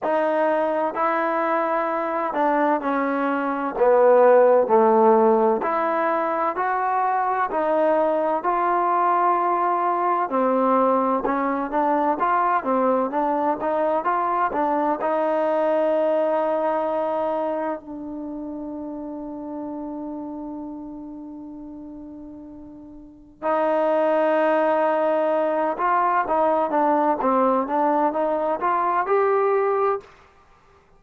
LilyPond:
\new Staff \with { instrumentName = "trombone" } { \time 4/4 \tempo 4 = 64 dis'4 e'4. d'8 cis'4 | b4 a4 e'4 fis'4 | dis'4 f'2 c'4 | cis'8 d'8 f'8 c'8 d'8 dis'8 f'8 d'8 |
dis'2. d'4~ | d'1~ | d'4 dis'2~ dis'8 f'8 | dis'8 d'8 c'8 d'8 dis'8 f'8 g'4 | }